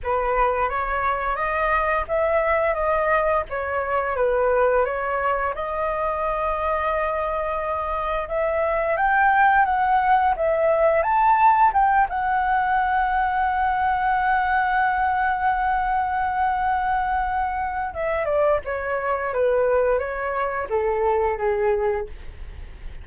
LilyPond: \new Staff \with { instrumentName = "flute" } { \time 4/4 \tempo 4 = 87 b'4 cis''4 dis''4 e''4 | dis''4 cis''4 b'4 cis''4 | dis''1 | e''4 g''4 fis''4 e''4 |
a''4 g''8 fis''2~ fis''8~ | fis''1~ | fis''2 e''8 d''8 cis''4 | b'4 cis''4 a'4 gis'4 | }